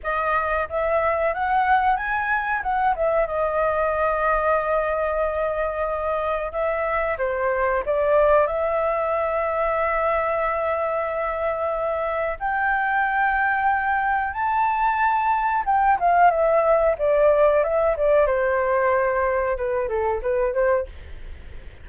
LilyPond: \new Staff \with { instrumentName = "flute" } { \time 4/4 \tempo 4 = 92 dis''4 e''4 fis''4 gis''4 | fis''8 e''8 dis''2.~ | dis''2 e''4 c''4 | d''4 e''2.~ |
e''2. g''4~ | g''2 a''2 | g''8 f''8 e''4 d''4 e''8 d''8 | c''2 b'8 a'8 b'8 c''8 | }